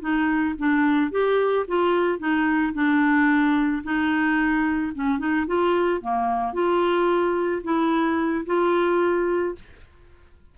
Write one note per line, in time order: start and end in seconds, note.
0.00 0.55 D#4
0.58 1.11 D4
1.11 1.66 G4
1.67 2.18 F4
2.18 2.73 D#4
2.73 3.83 D4
3.83 4.92 D#4
4.94 5.18 C#4
5.18 5.46 D#4
5.46 6.01 F4
6.01 6.53 A#3
6.53 7.62 F4
7.63 8.45 E4
8.46 9.55 F4